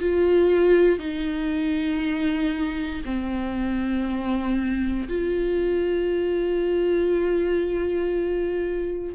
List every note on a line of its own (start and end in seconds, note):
0.00 0.99 F4
0.99 3.02 D#4
3.05 5.08 C4
5.08 9.15 F4